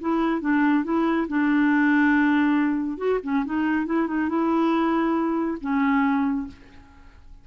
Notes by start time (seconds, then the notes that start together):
0.00 E4
0.41 D4
0.84 E4
1.28 D4
2.97 F#4
3.23 C#4
3.45 D#4
3.86 E4
4.07 D#4
4.28 E4
5.60 C#4